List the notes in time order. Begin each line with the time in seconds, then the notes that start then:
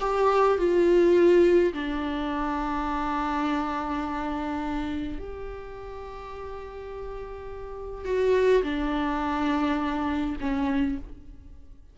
0.00 G4
0.58 F4
1.73 D4
5.19 G4
8.05 F#4
8.63 D4
10.41 C#4